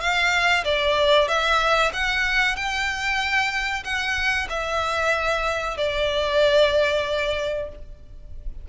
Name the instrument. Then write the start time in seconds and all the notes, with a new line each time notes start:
violin
0.00 F5
0.64 D5
1.27 E5
1.93 F#5
2.56 G5
3.84 F#5
4.49 E5
5.77 D5